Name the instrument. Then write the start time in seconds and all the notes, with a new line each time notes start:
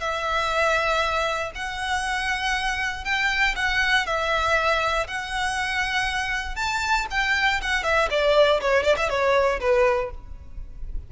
violin
0.00 E5
1.55 F#5
3.05 G5
3.56 F#5
4.06 E5
5.07 F#5
6.56 A5
7.11 G5
7.61 F#5
7.84 E5
8.10 D5
8.61 C#5
8.83 D5
8.97 E5
9.09 C#5
9.60 B4